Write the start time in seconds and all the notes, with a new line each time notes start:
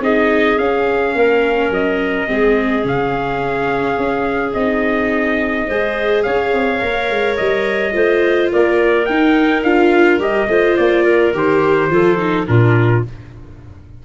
0.00 C4 D#4 G#4 D#5
0.59 C#4 F5
1.15 A#3 A#4
1.70 F#3 D#5
2.27 G#3 C4 G#4
2.83 C#3 C#4 F5
3.98 C#4
4.53 C4 D#4 D#5
5.67 G#3 G#4 C5
6.23 C#4 C#5 F5
6.53 C4
6.81 A#3 A#4
7.10 G#3
7.37 G3 D#5
7.92 A3 F4 C5
8.52 A#3 A#4 D5
9.06 D#4 G5
9.63 D4 F4 F5
10.19 G3 G4 D#5
10.48 A3 F4 C5
10.77 A#3 D5
11.04 A#4
11.34 D#3 G4 C5
11.90 F3 F4 A4
12.18 D#4
12.47 A#2 D4 F4 A#4